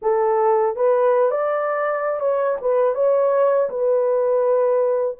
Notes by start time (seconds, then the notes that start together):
0.02 A4
0.76 B4
1.30 D5
2.20 C#5
2.61 B4
2.95 C#5
3.69 B4